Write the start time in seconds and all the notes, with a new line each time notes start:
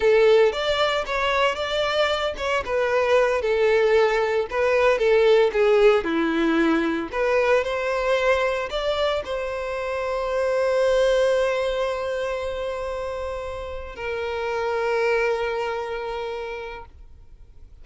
0.00 A4
0.52 D5
1.06 C#5
1.55 D5
2.37 C#5
2.65 B4
3.41 A4
4.50 B4
4.98 A4
5.52 G#4
6.04 E4
7.12 B4
7.64 C5
8.70 D5
9.24 C5
13.95 A#4